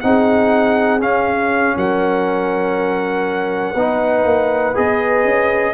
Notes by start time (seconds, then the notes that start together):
0.00 C4 D#4 G#4 F#5
1.00 C#4 F5
1.76 F#3 A#4 F#5
3.74 B3 D#4 B4
4.24 A#3
4.74 B3 G#4 D#5
5.24 C#4